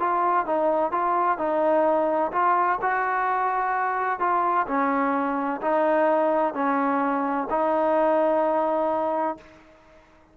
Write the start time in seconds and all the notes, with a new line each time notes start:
0.00 F4
0.46 D#4
0.92 F4
1.38 D#4
2.32 F4
2.82 F#4
4.20 F4
4.67 C#4
5.62 D#4
6.54 C#4
7.50 D#4